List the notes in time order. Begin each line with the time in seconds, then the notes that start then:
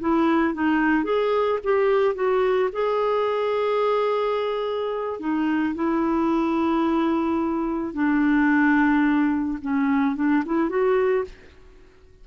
0.00 E4
0.54 D#4
1.04 G#4
1.63 G4
2.14 F#4
2.72 G#4
5.19 D#4
5.75 E4
7.93 D4
9.61 C#4
10.16 D4
10.45 E4
10.69 F#4